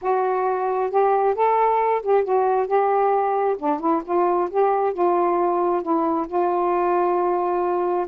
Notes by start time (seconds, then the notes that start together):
0.01 F#4
0.90 G4
1.34 A4
2.02 G4
2.24 F#4
2.67 G4
3.58 D4
3.80 E4
4.05 F4
4.50 G4
4.93 F4
5.82 E4
6.27 F4